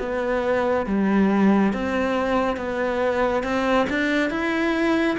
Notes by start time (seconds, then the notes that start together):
0.00 B3
0.87 G3
1.74 C4
2.57 B3
3.44 C4
3.90 D4
4.31 E4